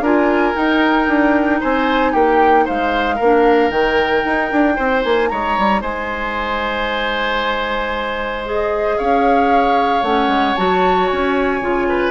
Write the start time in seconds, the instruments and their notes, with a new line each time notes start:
0.00 bassoon D4, clarinet F4, oboe A#4, flute G#5
0.54 clarinet D#4, bassoon D#4, flute G5
1.08 bassoon D4
1.60 bassoon C4, oboe C5, flute G#5
2.12 bassoon A#3, oboe G4, flute G5
2.65 bassoon G#3, oboe C5, flute F5
3.15 bassoon A#3, oboe A#4
3.24 clarinet D4
3.70 bassoon D#3, clarinet D#4, flute G5
4.24 bassoon D#4
4.51 bassoon D4
4.76 bassoon C4, oboe C5
5.02 bassoon A#3, flute G#5
5.28 bassoon G#3, oboe C#5, flute A#5
5.58 bassoon G3
5.81 bassoon G#3, oboe C5, flute G#5
8.45 clarinet G#4, flute D#5
8.97 bassoon C#4, oboe C#5, flute F5
10.02 bassoon A3, clarinet C#4, flute F#5
10.27 bassoon G#3
10.55 bassoon F#3, clarinet F#4, flute A5
11.07 bassoon C#4, flute G#5
11.61 bassoon C#3, clarinet F4
11.88 oboe B4